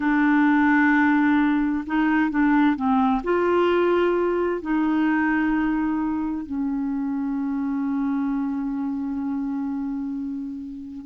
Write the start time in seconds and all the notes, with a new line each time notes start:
0.00 D4
1.86 D#4
2.30 D4
2.76 C4
3.23 F4
4.61 D#4
6.45 C#4